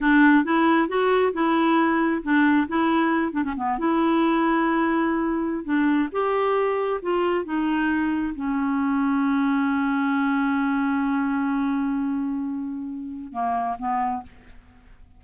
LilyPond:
\new Staff \with { instrumentName = "clarinet" } { \time 4/4 \tempo 4 = 135 d'4 e'4 fis'4 e'4~ | e'4 d'4 e'4. d'16 cis'16 | b8 e'2.~ e'8~ | e'8. d'4 g'2 f'16~ |
f'8. dis'2 cis'4~ cis'16~ | cis'1~ | cis'1~ | cis'2 ais4 b4 | }